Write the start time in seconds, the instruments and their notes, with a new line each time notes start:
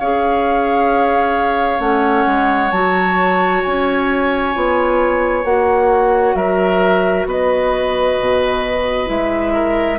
0.00 bassoon C#4, clarinet G#4, oboe C#5, flute F5
1.80 bassoon A3, clarinet C#4, flute F#5
2.26 bassoon G#3
2.71 bassoon F#3, clarinet F#4, flute A5
3.63 bassoon C#4, flute G#5
4.54 bassoon B3, clarinet F4
5.44 bassoon A#3, clarinet F#4, flute F#5
6.35 bassoon F#3, oboe A#4, flute E5
7.26 bassoon B3, oboe B4, flute D#5
8.20 bassoon B2
9.06 bassoon G#3, clarinet E4, flute E5
9.54 oboe A#4